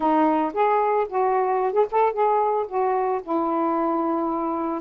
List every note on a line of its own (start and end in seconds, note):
0.00 0.52 D#4
0.53 1.07 G#4
1.08 1.72 F#4
1.72 1.86 G#4
1.91 2.13 A4
2.13 2.66 G#4
2.67 3.21 F#4
3.22 4.81 E4